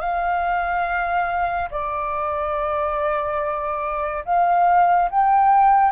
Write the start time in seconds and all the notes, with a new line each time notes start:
0.00 F5
1.71 D5
4.25 F5
5.10 G5